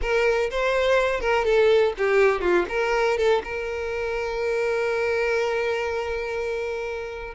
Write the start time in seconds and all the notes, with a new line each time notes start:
0.01 A#4
0.50 C5
1.20 A#4
1.44 A4
1.97 G4
2.41 F4
2.68 A#4
3.17 A4
3.44 A#4